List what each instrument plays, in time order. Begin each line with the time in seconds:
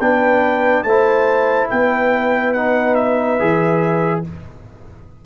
0.00 tuba B3, trombone D4, horn B4, trumpet G5
0.83 tuba A3, trombone E4, horn C5, trumpet A5
1.70 tuba B3, horn B4, trumpet G5
2.53 trombone D#4, trumpet F#5
2.95 trumpet E5
3.40 tuba E3, trombone G#4